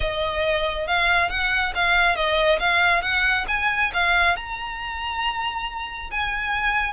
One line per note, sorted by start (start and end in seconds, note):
0.00 0.87 D#5
0.87 1.29 F5
1.29 1.73 F#5
1.75 2.15 F5
2.15 2.58 D#5
2.59 3.02 F5
3.02 3.45 F#5
3.48 3.91 G#5
3.93 4.36 F5
4.36 6.10 A#5
6.10 6.93 G#5